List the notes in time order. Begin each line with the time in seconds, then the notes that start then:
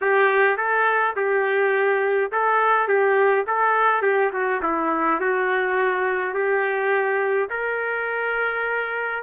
0.01 G4
0.57 A4
1.16 G4
2.32 A4
2.87 G4
3.46 A4
4.01 G4
4.32 F#4
4.62 E4
5.20 F#4
6.34 G4
7.50 A#4